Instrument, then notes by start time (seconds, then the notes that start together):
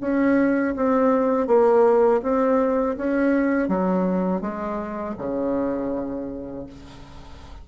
bassoon
0.00 C#4
0.76 C4
1.47 A#3
2.22 C4
2.97 C#4
3.68 F#3
4.41 G#3
5.18 C#3